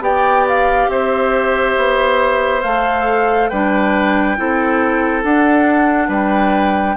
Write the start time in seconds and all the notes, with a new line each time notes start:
0.00 B3 G4 D5 G5
0.47 F5
0.88 C4 C5 E5
1.77 B3
2.61 A3 A4 F5
3.48 G3 D4 B4 G5
4.36 C4 E4 A4
5.22 D4 F#5
6.07 G3 B4 G5